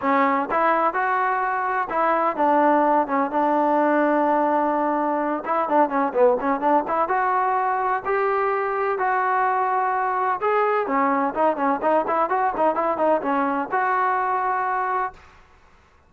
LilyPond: \new Staff \with { instrumentName = "trombone" } { \time 4/4 \tempo 4 = 127 cis'4 e'4 fis'2 | e'4 d'4. cis'8 d'4~ | d'2.~ d'8 e'8 | d'8 cis'8 b8 cis'8 d'8 e'8 fis'4~ |
fis'4 g'2 fis'4~ | fis'2 gis'4 cis'4 | dis'8 cis'8 dis'8 e'8 fis'8 dis'8 e'8 dis'8 | cis'4 fis'2. | }